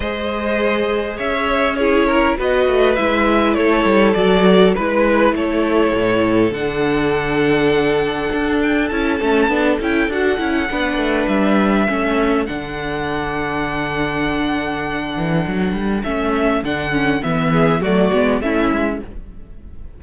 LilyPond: <<
  \new Staff \with { instrumentName = "violin" } { \time 4/4 \tempo 4 = 101 dis''2 e''4 cis''4 | dis''4 e''4 cis''4 d''4 | b'4 cis''2 fis''4~ | fis''2~ fis''8 g''8 a''4~ |
a''8 g''8 fis''2 e''4~ | e''4 fis''2.~ | fis''2. e''4 | fis''4 e''4 d''4 e''4 | }
  \new Staff \with { instrumentName = "violin" } { \time 4/4 c''2 cis''4 gis'8 ais'8 | b'2 a'2 | b'4 a'2.~ | a'1~ |
a'2 b'2 | a'1~ | a'1~ | a'4. gis'8 fis'4 e'4 | }
  \new Staff \with { instrumentName = "viola" } { \time 4/4 gis'2. e'4 | fis'4 e'2 fis'4 | e'2. d'4~ | d'2. e'8 cis'8 |
d'8 e'8 fis'8 e'8 d'2 | cis'4 d'2.~ | d'2. cis'4 | d'8 cis'8 b4 a8 b8 cis'4 | }
  \new Staff \with { instrumentName = "cello" } { \time 4/4 gis2 cis'2 | b8 a8 gis4 a8 g8 fis4 | gis4 a4 a,4 d4~ | d2 d'4 cis'8 a8 |
b8 cis'8 d'8 cis'8 b8 a8 g4 | a4 d2.~ | d4. e8 fis8 g8 a4 | d4 e4 fis8 gis8 a8 gis8 | }
>>